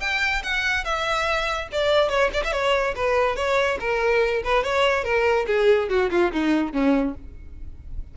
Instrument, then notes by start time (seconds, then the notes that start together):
violin
0.00 G5
0.43 F#5
0.84 E5
1.72 D5
2.09 C#5
2.33 D5
2.44 E5
2.52 C#5
2.95 B4
3.36 C#5
3.80 A#4
4.44 B4
4.63 C#5
5.04 A#4
5.47 G#4
5.89 F#4
6.10 F4
6.32 D#4
6.72 C#4